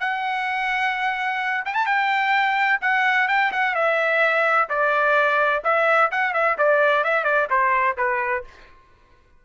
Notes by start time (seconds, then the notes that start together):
0.00 F#5
1.65 G5
1.74 A5
1.86 G5
2.81 F#5
3.28 G5
3.52 F#5
3.75 E5
4.69 D5
5.64 E5
6.11 F#5
6.34 E5
6.58 D5
7.04 E5
7.24 D5
7.50 C5
7.98 B4